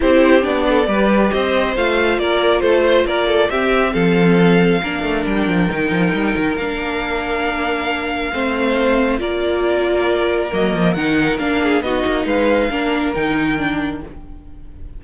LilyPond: <<
  \new Staff \with { instrumentName = "violin" } { \time 4/4 \tempo 4 = 137 c''4 d''2 dis''4 | f''4 d''4 c''4 d''4 | e''4 f''2. | g''2. f''4~ |
f''1~ | f''4 d''2. | dis''4 fis''4 f''4 dis''4 | f''2 g''2 | }
  \new Staff \with { instrumentName = "violin" } { \time 4/4 g'4. a'8 b'4 c''4~ | c''4 ais'4 a'8 c''8 ais'8 a'8 | g'4 a'2 ais'4~ | ais'1~ |
ais'2. c''4~ | c''4 ais'2.~ | ais'2~ ais'8 gis'8 fis'4 | b'4 ais'2. | }
  \new Staff \with { instrumentName = "viola" } { \time 4/4 e'4 d'4 g'2 | f'1 | c'2. d'4~ | d'4 dis'2 d'4~ |
d'2. c'4~ | c'4 f'2. | ais4 dis'4 d'4 dis'4~ | dis'4 d'4 dis'4 d'4 | }
  \new Staff \with { instrumentName = "cello" } { \time 4/4 c'4 b4 g4 c'4 | a4 ais4 a4 ais4 | c'4 f2 ais8 a8 | g8 f8 dis8 f8 g8 dis8 ais4~ |
ais2. a4~ | a4 ais2. | fis8 f8 dis4 ais4 b8 ais8 | gis4 ais4 dis2 | }
>>